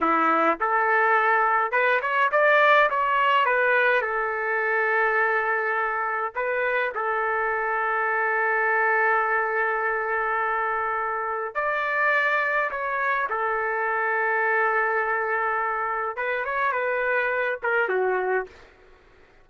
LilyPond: \new Staff \with { instrumentName = "trumpet" } { \time 4/4 \tempo 4 = 104 e'4 a'2 b'8 cis''8 | d''4 cis''4 b'4 a'4~ | a'2. b'4 | a'1~ |
a'1 | d''2 cis''4 a'4~ | a'1 | b'8 cis''8 b'4. ais'8 fis'4 | }